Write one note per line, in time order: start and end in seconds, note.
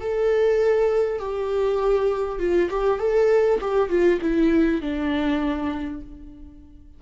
0.00 1.19 A4
1.19 2.39 G4
2.39 2.69 F4
2.69 2.99 G4
2.99 3.59 A4
3.61 3.89 G4
3.89 4.19 F4
4.21 4.81 E4
4.81 6.01 D4